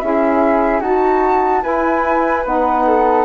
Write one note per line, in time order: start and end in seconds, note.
0.00 0.81 C#4
0.00 0.82 E4
0.00 0.81 G#4
0.00 0.81 E5
0.81 1.62 D#4
0.81 1.62 F#4
0.81 1.63 A5
1.62 2.43 E4
1.62 2.45 E4
1.62 2.85 B4
1.62 2.44 G#5
2.45 3.25 B3
2.45 3.25 D#4
2.45 3.25 F#5
2.87 3.25 A4